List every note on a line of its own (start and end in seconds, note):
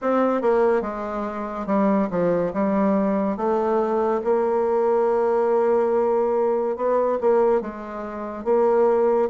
0.01 0.41 C4
0.41 0.81 A#3
0.81 1.66 G#3
1.66 2.09 G3
2.10 2.52 F3
2.53 3.36 G3
3.36 4.21 A3
4.23 6.76 A#3
6.76 7.18 B3
7.20 7.61 A#3
7.61 8.44 G#3
8.44 9.29 A#3